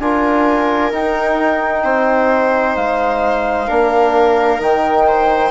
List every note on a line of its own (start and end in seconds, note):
0.00 0.92 D4
0.00 0.91 F4
0.00 1.84 A#4
0.00 0.93 G#5
0.91 3.68 D#4
0.91 1.84 D#4
0.91 2.76 G5
1.84 2.76 C4
1.84 3.68 C5
2.76 3.69 G#3
2.76 4.61 F5
3.68 4.61 A#3
3.68 4.59 D4
3.68 5.06 A#4
4.59 5.52 D#3
4.59 5.52 D#4
4.59 5.52 G5
5.08 5.52 C5